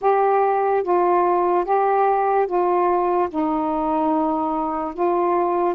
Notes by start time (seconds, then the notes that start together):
0.01 G4
0.83 F4
1.64 G4
2.47 F4
3.29 D#4
4.94 F4